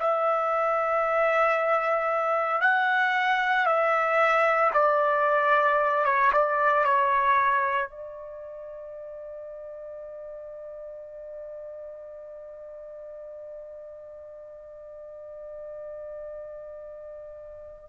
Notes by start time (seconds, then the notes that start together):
0.00 E5
2.62 F#5
3.67 E5
4.74 D5
6.05 C#5
6.33 D5
6.85 C#5
7.90 D5